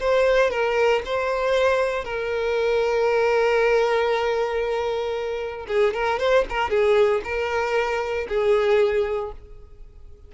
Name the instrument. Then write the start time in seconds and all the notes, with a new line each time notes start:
violin
0.00 C5
0.50 A#4
1.05 C5
2.04 A#4
5.68 G#4
5.93 A#4
6.19 C5
6.50 A#4
6.70 G#4
7.24 A#4
8.28 G#4